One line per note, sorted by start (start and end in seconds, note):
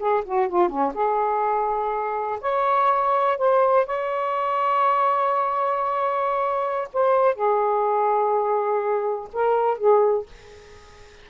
0.00 0.24 G#4
0.25 0.49 F#4
0.49 0.69 F4
0.69 0.93 C#4
0.95 2.40 G#4
2.41 3.38 C#5
3.38 3.87 C5
3.87 6.89 C#5
6.94 7.35 C5
7.35 9.29 G#4
9.34 9.78 A#4
9.78 10.27 G#4